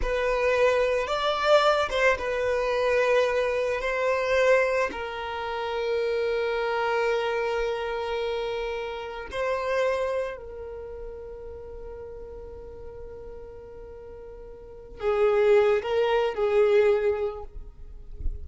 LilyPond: \new Staff \with { instrumentName = "violin" } { \time 4/4 \tempo 4 = 110 b'2 d''4. c''8 | b'2. c''4~ | c''4 ais'2.~ | ais'1~ |
ais'4 c''2 ais'4~ | ais'1~ | ais'2.~ ais'8 gis'8~ | gis'4 ais'4 gis'2 | }